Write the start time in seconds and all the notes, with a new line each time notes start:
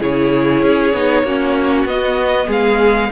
0.00 C#3 E4 G#4 C#5
0.62 C#4
0.93 B3 D#4
1.23 A#3 C#4 F#4
1.85 B3 D#5
2.47 G#3 G#4 F5